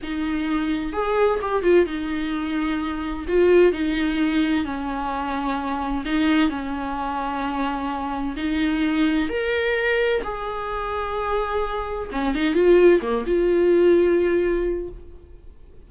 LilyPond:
\new Staff \with { instrumentName = "viola" } { \time 4/4 \tempo 4 = 129 dis'2 gis'4 g'8 f'8 | dis'2. f'4 | dis'2 cis'2~ | cis'4 dis'4 cis'2~ |
cis'2 dis'2 | ais'2 gis'2~ | gis'2 cis'8 dis'8 f'4 | ais8 f'2.~ f'8 | }